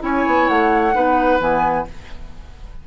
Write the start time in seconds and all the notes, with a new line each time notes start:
0.00 C#4 E4 C#5 G#5
0.26 B3
0.48 A3 F#5
0.94 B3 D#4 B4
1.40 E3 B3 G#5